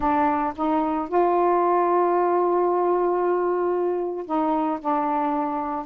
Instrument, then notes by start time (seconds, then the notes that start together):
saxophone
0.00 D4
0.56 D#4
1.08 F4
4.26 D#4
4.80 D4